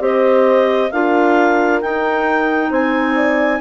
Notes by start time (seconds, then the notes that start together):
0.00 C4 G4 C5 D#5
0.91 D4 F4 A#4 F5
1.81 D#4 G5
2.71 C4 C5 G#5
3.16 D5